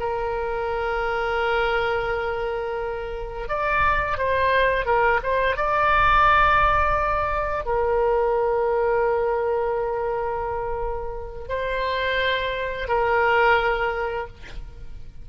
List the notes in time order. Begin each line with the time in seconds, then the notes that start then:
0.00 A#4
3.49 D5
4.18 C5
4.86 A#4
5.23 C5
5.57 D5
7.66 A#4
11.49 C5
12.88 A#4